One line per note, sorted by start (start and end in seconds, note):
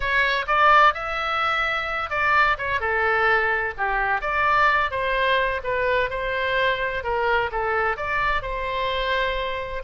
0.00 0.45 C#5
0.47 0.94 D5
0.94 2.10 E5
2.10 2.57 D5
2.58 2.80 C#5
2.80 3.74 A4
3.77 4.21 G4
4.21 4.90 D5
4.90 5.61 C5
5.63 6.10 B4
6.10 7.03 C5
7.03 7.50 A#4
7.51 7.97 A4
7.97 8.42 D5
8.42 9.82 C5